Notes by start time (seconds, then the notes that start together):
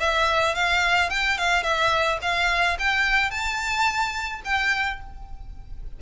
0.00 E5
0.55 F5
1.10 G5
1.38 F5
1.63 E5
2.22 F5
2.79 G5
3.31 A5
4.45 G5